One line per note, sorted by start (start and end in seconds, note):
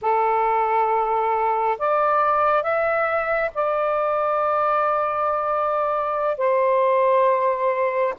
0.01 1.78 A4
1.78 2.62 D5
2.62 3.51 E5
3.54 6.37 D5
6.37 8.14 C5